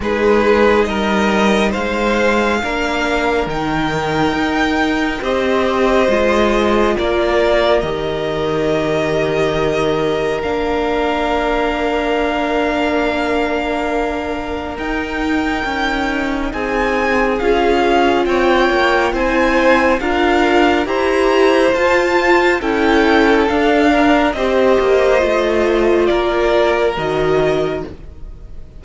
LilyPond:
<<
  \new Staff \with { instrumentName = "violin" } { \time 4/4 \tempo 4 = 69 b'4 dis''4 f''2 | g''2 dis''2 | d''4 dis''2. | f''1~ |
f''4 g''2 gis''4 | f''4 g''4 gis''4 f''4 | ais''4 a''4 g''4 f''4 | dis''2 d''4 dis''4 | }
  \new Staff \with { instrumentName = "violin" } { \time 4/4 gis'4 ais'4 c''4 ais'4~ | ais'2 c''2 | ais'1~ | ais'1~ |
ais'2. gis'4~ | gis'4 cis''4 c''4 ais'4 | c''2 a'4. ais'8 | c''2 ais'2 | }
  \new Staff \with { instrumentName = "viola" } { \time 4/4 dis'2. d'4 | dis'2 g'4 f'4~ | f'4 g'2. | d'1~ |
d'4 dis'2. | f'2 e'4 f'4 | g'4 f'4 e'4 d'4 | g'4 f'2 fis'4 | }
  \new Staff \with { instrumentName = "cello" } { \time 4/4 gis4 g4 gis4 ais4 | dis4 dis'4 c'4 gis4 | ais4 dis2. | ais1~ |
ais4 dis'4 cis'4 c'4 | cis'4 c'8 ais8 c'4 d'4 | e'4 f'4 cis'4 d'4 | c'8 ais8 a4 ais4 dis4 | }
>>